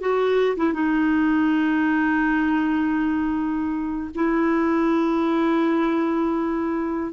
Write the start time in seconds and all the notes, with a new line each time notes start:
0.00 F#4
0.57 E4
0.73 D#4
4.15 E4